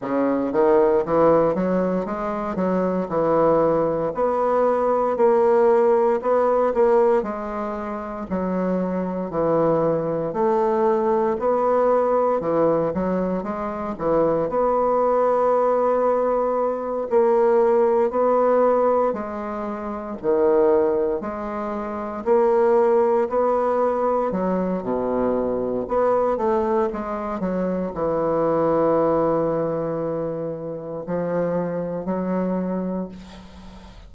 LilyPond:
\new Staff \with { instrumentName = "bassoon" } { \time 4/4 \tempo 4 = 58 cis8 dis8 e8 fis8 gis8 fis8 e4 | b4 ais4 b8 ais8 gis4 | fis4 e4 a4 b4 | e8 fis8 gis8 e8 b2~ |
b8 ais4 b4 gis4 dis8~ | dis8 gis4 ais4 b4 fis8 | b,4 b8 a8 gis8 fis8 e4~ | e2 f4 fis4 | }